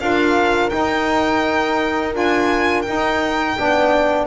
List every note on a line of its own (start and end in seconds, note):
0.00 0.72 D4
0.00 0.70 F4
0.00 3.58 A#4
0.00 0.70 F5
0.70 2.13 D#4
0.70 2.15 D#4
0.70 2.13 G5
2.13 2.87 D4
2.13 2.84 F4
2.13 2.82 G#5
2.82 3.57 D#4
2.82 3.58 D#4
2.82 4.25 G5
3.57 4.27 B3
3.57 4.27 D4
3.57 4.27 D5